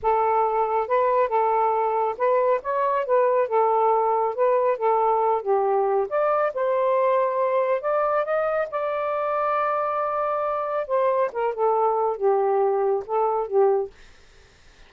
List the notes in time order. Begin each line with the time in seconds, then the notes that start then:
0.02 A4
0.87 B4
1.28 A4
2.17 B4
2.62 C#5
3.05 B4
3.48 A4
4.35 B4
4.77 A4
5.42 G4
6.09 D5
6.53 C5
7.81 D5
8.24 D#5
8.71 D5
10.87 C5
11.32 A#4
11.54 A4
12.16 G4
13.06 A4
13.47 G4